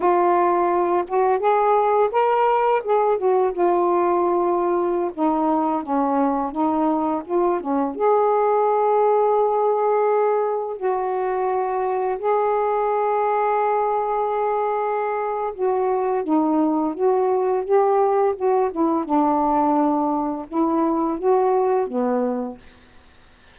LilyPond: \new Staff \with { instrumentName = "saxophone" } { \time 4/4 \tempo 4 = 85 f'4. fis'8 gis'4 ais'4 | gis'8 fis'8 f'2~ f'16 dis'8.~ | dis'16 cis'4 dis'4 f'8 cis'8 gis'8.~ | gis'2.~ gis'16 fis'8.~ |
fis'4~ fis'16 gis'2~ gis'8.~ | gis'2 fis'4 dis'4 | fis'4 g'4 fis'8 e'8 d'4~ | d'4 e'4 fis'4 b4 | }